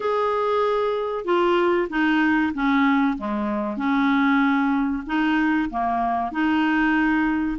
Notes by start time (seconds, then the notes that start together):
0.00 G#4
1.25 F4
1.89 D#4
2.54 C#4
3.17 G#3
3.76 C#4
5.06 D#4
5.70 A#3
6.31 D#4